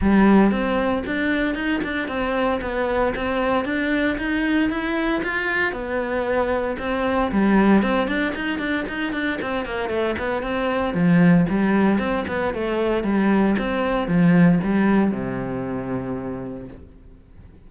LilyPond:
\new Staff \with { instrumentName = "cello" } { \time 4/4 \tempo 4 = 115 g4 c'4 d'4 dis'8 d'8 | c'4 b4 c'4 d'4 | dis'4 e'4 f'4 b4~ | b4 c'4 g4 c'8 d'8 |
dis'8 d'8 dis'8 d'8 c'8 ais8 a8 b8 | c'4 f4 g4 c'8 b8 | a4 g4 c'4 f4 | g4 c2. | }